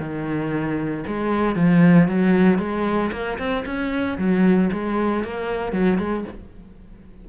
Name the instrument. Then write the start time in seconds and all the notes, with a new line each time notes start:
cello
0.00 D#3
1.07 G#3
1.56 F3
2.08 F#3
2.59 G#3
3.12 A#3
3.39 C4
3.66 C#4
4.19 F#3
4.73 G#3
5.24 A#3
5.73 F#3
5.99 G#3